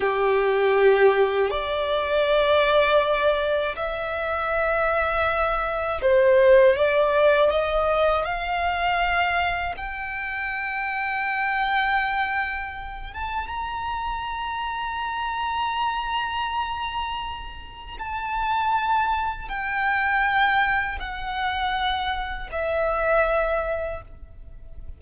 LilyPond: \new Staff \with { instrumentName = "violin" } { \time 4/4 \tempo 4 = 80 g'2 d''2~ | d''4 e''2. | c''4 d''4 dis''4 f''4~ | f''4 g''2.~ |
g''4. a''8 ais''2~ | ais''1 | a''2 g''2 | fis''2 e''2 | }